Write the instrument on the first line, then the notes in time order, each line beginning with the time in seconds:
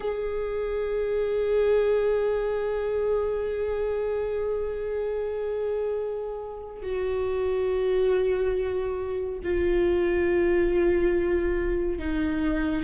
viola
0.00 G#4
6.82 F#4
9.43 F4
11.98 D#4